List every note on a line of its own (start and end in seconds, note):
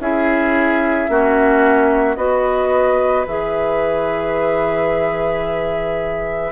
0.00 1.09 C#4
0.00 1.09 E4
0.00 1.10 G#4
0.00 2.16 E5
1.09 2.17 A#3
1.09 2.16 C#4
1.09 2.17 F#4
2.16 3.26 B3
2.16 3.25 F#4
2.16 6.52 B4
2.16 3.25 D#5
3.27 6.52 E3
3.27 6.52 G#4
3.27 6.52 E5